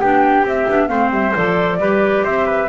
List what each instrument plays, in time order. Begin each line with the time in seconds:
0.00 double bass B3, clarinet D4, trumpet G4, flute G5
0.44 double bass C4, clarinet C4, flute E5
0.68 double bass B3, clarinet D4
0.87 double bass A3, clarinet C4, trumpet C5, flute F5
1.11 double bass G3, flute E5
1.34 double bass F3, clarinet A4, flute D5
1.78 double bass G3, clarinet G4, trumpet B4
2.24 double bass C4, trumpet C5, flute E5
2.47 trumpet B4